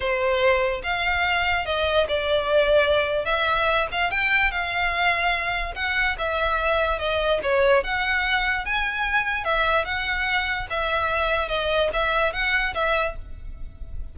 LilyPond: \new Staff \with { instrumentName = "violin" } { \time 4/4 \tempo 4 = 146 c''2 f''2 | dis''4 d''2. | e''4. f''8 g''4 f''4~ | f''2 fis''4 e''4~ |
e''4 dis''4 cis''4 fis''4~ | fis''4 gis''2 e''4 | fis''2 e''2 | dis''4 e''4 fis''4 e''4 | }